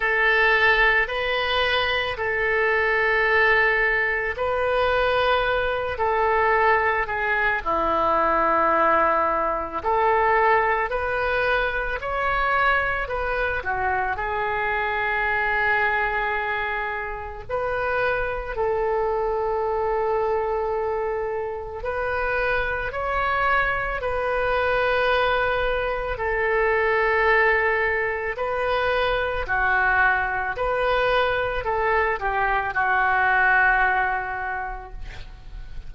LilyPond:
\new Staff \with { instrumentName = "oboe" } { \time 4/4 \tempo 4 = 55 a'4 b'4 a'2 | b'4. a'4 gis'8 e'4~ | e'4 a'4 b'4 cis''4 | b'8 fis'8 gis'2. |
b'4 a'2. | b'4 cis''4 b'2 | a'2 b'4 fis'4 | b'4 a'8 g'8 fis'2 | }